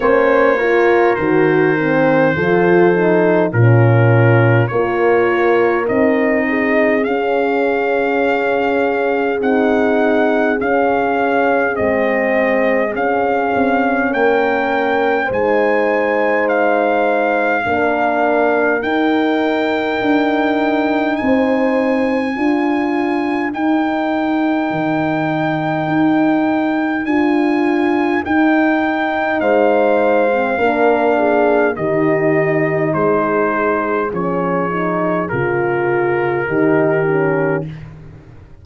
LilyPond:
<<
  \new Staff \with { instrumentName = "trumpet" } { \time 4/4 \tempo 4 = 51 cis''4 c''2 ais'4 | cis''4 dis''4 f''2 | fis''4 f''4 dis''4 f''4 | g''4 gis''4 f''2 |
g''2 gis''2 | g''2. gis''4 | g''4 f''2 dis''4 | c''4 cis''4 ais'2 | }
  \new Staff \with { instrumentName = "horn" } { \time 4/4 c''8 ais'4. a'4 f'4 | ais'4. gis'2~ gis'8~ | gis'1 | ais'4 c''2 ais'4~ |
ais'2 c''4 ais'4~ | ais'1~ | ais'4 c''4 ais'8 gis'8 g'4 | gis'2. g'4 | }
  \new Staff \with { instrumentName = "horn" } { \time 4/4 cis'8 f'8 fis'8 c'8 f'8 dis'8 cis'4 | f'4 dis'4 cis'2 | dis'4 cis'4 c'4 cis'4~ | cis'4 dis'2 d'4 |
dis'2. f'4 | dis'2. f'4 | dis'4.~ dis'16 c'16 d'4 dis'4~ | dis'4 cis'8 dis'8 f'4 dis'8 cis'8 | }
  \new Staff \with { instrumentName = "tuba" } { \time 4/4 ais4 dis4 f4 ais,4 | ais4 c'4 cis'2 | c'4 cis'4 gis4 cis'8 c'8 | ais4 gis2 ais4 |
dis'4 d'4 c'4 d'4 | dis'4 dis4 dis'4 d'4 | dis'4 gis4 ais4 dis4 | gis4 f4 cis4 dis4 | }
>>